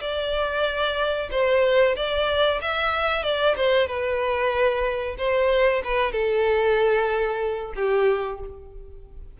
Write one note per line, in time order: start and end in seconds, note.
0.00 1.29 D5
1.31 1.95 C5
1.96 2.60 D5
2.61 3.23 E5
3.23 3.55 D5
3.56 3.87 C5
3.87 5.16 B4
5.18 5.82 C5
5.84 6.12 B4
6.12 7.73 A4
7.75 8.40 G4